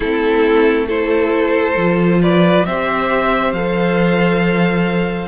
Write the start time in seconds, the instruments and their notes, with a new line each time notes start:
0.00 cello A3, viola C4, violin E4 A4
0.87 viola E4, violin A4 C5
1.76 cello F3, viola F4
2.22 violin B4 D5
2.65 cello C4, viola G4, violin C5 E5
3.52 cello F3, viola A4, violin F5